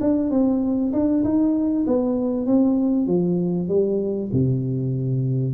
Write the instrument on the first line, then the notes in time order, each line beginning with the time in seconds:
tuba
0.00 D4
0.30 C4
0.93 D4
1.23 D#4
1.86 B3
2.46 C4
3.06 F3
3.68 G3
4.32 C3